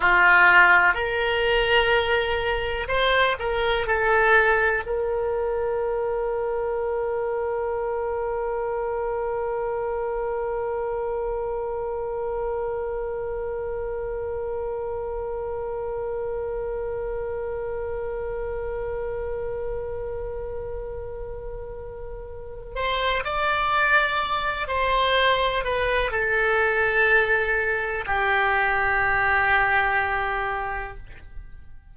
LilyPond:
\new Staff \with { instrumentName = "oboe" } { \time 4/4 \tempo 4 = 62 f'4 ais'2 c''8 ais'8 | a'4 ais'2.~ | ais'1~ | ais'1~ |
ais'1~ | ais'2.~ ais'8 c''8 | d''4. c''4 b'8 a'4~ | a'4 g'2. | }